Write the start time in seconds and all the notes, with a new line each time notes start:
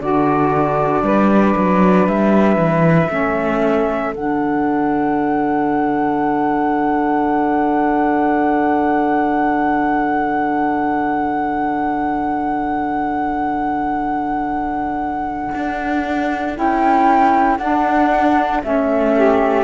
0.00 D3 D4 F#4 D5
1.02 G3 B4
1.56 F#3
2.07 G3 E5
2.56 E3
3.08 A3 C#4 A4
4.13 D3 D4 F#5
15.54 D4
16.54 C#4 E4 G5
17.57 D4 F#5
18.63 A3 C#4 E5
19.15 G4